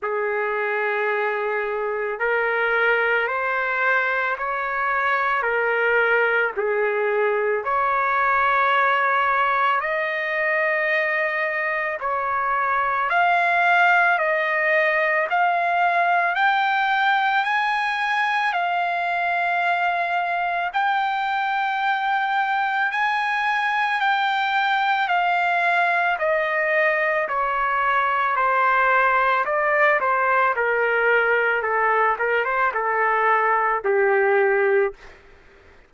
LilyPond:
\new Staff \with { instrumentName = "trumpet" } { \time 4/4 \tempo 4 = 55 gis'2 ais'4 c''4 | cis''4 ais'4 gis'4 cis''4~ | cis''4 dis''2 cis''4 | f''4 dis''4 f''4 g''4 |
gis''4 f''2 g''4~ | g''4 gis''4 g''4 f''4 | dis''4 cis''4 c''4 d''8 c''8 | ais'4 a'8 ais'16 c''16 a'4 g'4 | }